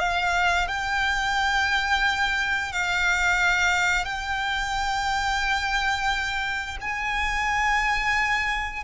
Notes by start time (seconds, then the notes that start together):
0.00 F5
0.68 G5
2.73 F5
4.05 G5
6.82 G#5